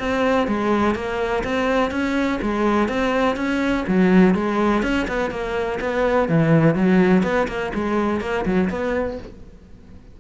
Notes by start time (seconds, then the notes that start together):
0.00 C4
0.48 G#3
0.95 A#3
1.44 C4
1.92 C#4
2.42 G#3
2.89 C4
3.37 C#4
3.88 F#3
4.35 G#3
4.83 C#4
5.08 B3
5.31 A#3
5.81 B3
6.29 E3
6.75 F#3
7.24 B3
7.48 A#3
7.74 G#3
8.21 A#3
8.46 F#3
8.70 B3